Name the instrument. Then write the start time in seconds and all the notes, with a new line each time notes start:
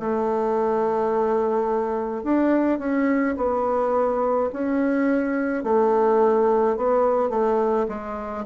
bassoon
0.00 A3
2.24 D4
2.79 C#4
3.37 B3
4.53 C#4
5.63 A3
6.77 B3
7.30 A3
7.88 G#3